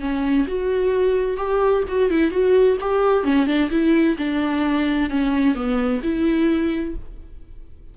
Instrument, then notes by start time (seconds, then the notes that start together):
viola
0.00 C#4
0.47 F#4
1.37 G4
1.88 F#4
2.10 E4
2.31 F#4
2.80 G4
3.23 C#4
3.47 D4
3.70 E4
4.17 D4
5.10 C#4
5.55 B3
6.03 E4